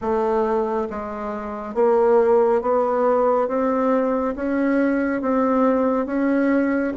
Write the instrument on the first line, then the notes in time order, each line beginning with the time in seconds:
bassoon
0.01 A3
0.90 G#3
1.74 A#3
2.61 B3
3.47 C4
4.35 C#4
5.21 C4
6.06 C#4